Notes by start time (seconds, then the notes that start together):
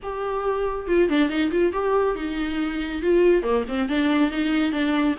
0.02 G4
0.87 F4
1.09 D4
1.29 D#4
1.51 F4
1.72 G4
2.15 D#4
3.02 F4
3.42 A#3
3.68 C4
3.88 D4
4.30 D#4
4.72 D4